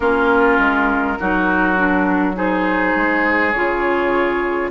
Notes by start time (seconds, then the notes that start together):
0.00 A#3 C#4 F4 A#4
0.58 G#3
1.19 F#3 D#4 F#4
1.76 D4
2.34 D#4 G#4 C5
2.95 G#3
3.52 C#3 F4 C#5